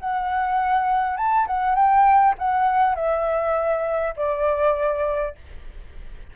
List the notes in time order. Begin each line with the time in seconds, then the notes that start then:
0.00 F#5
1.17 A5
1.47 F#5
1.76 G5
2.39 F#5
2.96 E5
4.17 D5